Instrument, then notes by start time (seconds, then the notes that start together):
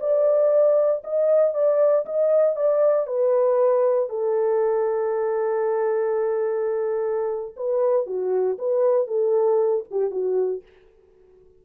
horn
0.00 D5
1.04 D#5
1.54 D5
2.06 D#5
2.56 D5
3.07 B4
4.09 A4
7.57 B4
8.07 F#4
8.58 B4
9.07 A4
9.91 G4
10.11 F#4